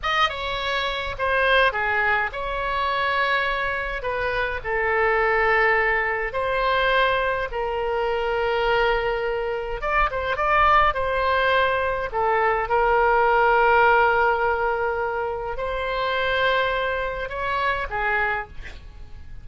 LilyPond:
\new Staff \with { instrumentName = "oboe" } { \time 4/4 \tempo 4 = 104 dis''8 cis''4. c''4 gis'4 | cis''2. b'4 | a'2. c''4~ | c''4 ais'2.~ |
ais'4 d''8 c''8 d''4 c''4~ | c''4 a'4 ais'2~ | ais'2. c''4~ | c''2 cis''4 gis'4 | }